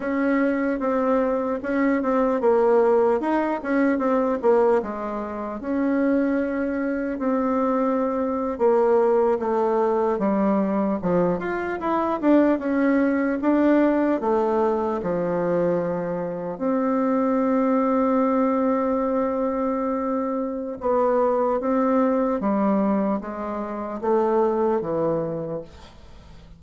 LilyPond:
\new Staff \with { instrumentName = "bassoon" } { \time 4/4 \tempo 4 = 75 cis'4 c'4 cis'8 c'8 ais4 | dis'8 cis'8 c'8 ais8 gis4 cis'4~ | cis'4 c'4.~ c'16 ais4 a16~ | a8. g4 f8 f'8 e'8 d'8 cis'16~ |
cis'8. d'4 a4 f4~ f16~ | f8. c'2.~ c'16~ | c'2 b4 c'4 | g4 gis4 a4 e4 | }